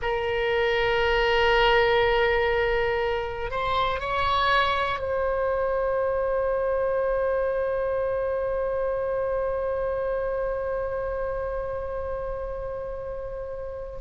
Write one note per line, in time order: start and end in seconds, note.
0.02 3.50 A#4
3.50 4.00 C5
4.00 4.99 C#5
4.99 13.99 C5